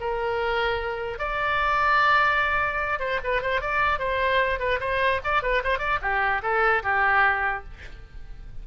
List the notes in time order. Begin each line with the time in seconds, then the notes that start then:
0.00 A#4
1.18 D5
2.99 C5
3.24 B4
3.42 C5
3.61 D5
3.98 C5
4.59 B4
4.80 C5
5.24 D5
5.42 B4
5.64 C5
5.78 D5
6.01 G4
6.42 A4
6.83 G4